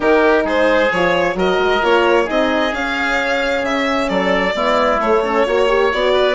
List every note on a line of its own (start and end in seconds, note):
0.00 0.43 D#3
0.00 0.88 D#4
0.00 0.43 G4
0.00 0.46 A#4
0.44 0.89 G#3
0.44 1.35 G#4
0.44 0.91 C5
0.91 1.35 F3
0.91 1.34 F4
0.91 1.36 C#5
1.34 1.57 F#3
1.34 1.80 F#4
1.34 2.24 A#4
1.34 1.84 D#5
1.58 1.80 G#3
1.81 2.28 A#3
1.81 2.26 F4
1.81 2.29 C#5
2.24 2.72 C4
2.24 2.71 D#4
2.24 4.06 G#4
2.24 2.74 D#5
2.72 4.54 C#4
2.72 3.63 C#4
2.72 3.64 F5
3.63 4.08 C#3
3.63 4.09 E5
4.08 4.54 F#3
4.08 4.54 A4
4.08 4.99 D5
4.55 4.99 G#3
4.55 4.99 B3
4.55 5.23 E4
4.99 5.22 A3
4.99 5.45 A3
4.99 5.91 C#5
5.23 5.46 C#4
5.23 5.46 A4
5.46 5.93 A#3
5.46 5.68 F#4
5.46 6.13 C#5
5.68 5.91 G4
5.91 6.34 B3
5.91 6.34 F#4
5.91 6.34 D5
6.13 6.34 B4